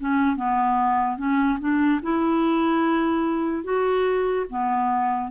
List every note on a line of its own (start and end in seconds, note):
0.00 0.37 C#4
0.37 1.18 B3
1.18 1.59 C#4
1.60 2.01 D4
2.03 3.64 E4
3.64 4.46 F#4
4.50 5.31 B3